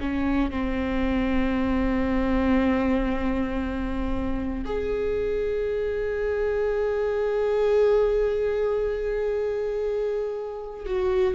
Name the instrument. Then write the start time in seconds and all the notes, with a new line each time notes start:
viola
0.00 C#4
0.50 C4
4.65 G#4
10.86 F#4